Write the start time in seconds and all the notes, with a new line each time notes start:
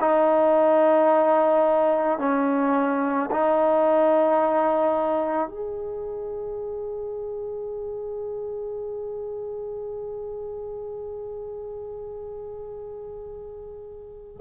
0.00 D#4
2.19 C#4
3.31 D#4
5.48 G#4